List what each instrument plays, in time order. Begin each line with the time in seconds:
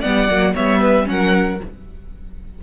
0.00 cello G3, viola B3, violin D5 F#5
0.29 cello F#3, viola A#3
0.54 cello G3, viola B3, violin C#5 E5
0.80 violin B4
1.05 cello F#3, viola C#4, violin A#4 F#5